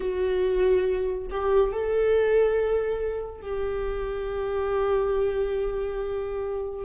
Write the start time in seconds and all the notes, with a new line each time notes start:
0.00 F#4
1.30 G4
1.72 A4
3.42 G4